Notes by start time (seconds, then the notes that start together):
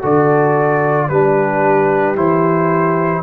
0.00 D3 F#4 A4 D5
1.09 G3 D4 G4 B4
2.16 E3 E4 C5